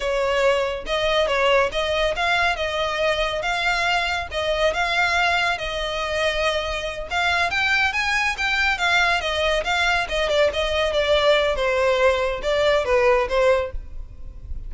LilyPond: \new Staff \with { instrumentName = "violin" } { \time 4/4 \tempo 4 = 140 cis''2 dis''4 cis''4 | dis''4 f''4 dis''2 | f''2 dis''4 f''4~ | f''4 dis''2.~ |
dis''8 f''4 g''4 gis''4 g''8~ | g''8 f''4 dis''4 f''4 dis''8 | d''8 dis''4 d''4. c''4~ | c''4 d''4 b'4 c''4 | }